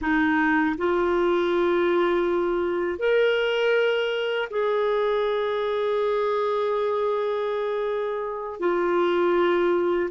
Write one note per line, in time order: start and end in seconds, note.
0.01 0.76 D#4
0.77 2.98 F4
2.98 4.48 A#4
4.50 8.59 G#4
8.59 10.09 F4